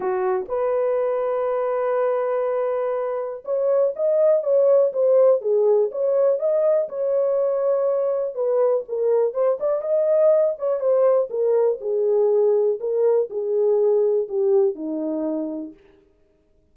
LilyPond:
\new Staff \with { instrumentName = "horn" } { \time 4/4 \tempo 4 = 122 fis'4 b'2.~ | b'2. cis''4 | dis''4 cis''4 c''4 gis'4 | cis''4 dis''4 cis''2~ |
cis''4 b'4 ais'4 c''8 d''8 | dis''4. cis''8 c''4 ais'4 | gis'2 ais'4 gis'4~ | gis'4 g'4 dis'2 | }